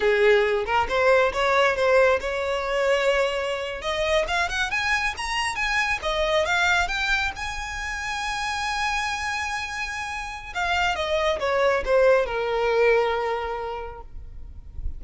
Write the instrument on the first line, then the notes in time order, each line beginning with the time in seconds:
violin
0.00 G#4
0.65 A#4
0.88 C5
1.33 C#5
1.75 C5
2.20 C#5
3.81 D#5
4.27 F5
4.49 F#5
4.70 G#5
5.17 A#5
5.55 G#5
6.02 D#5
6.45 F5
6.88 G5
7.36 G#5
10.54 F5
10.95 D#5
11.39 C#5
11.85 C5
12.25 A#4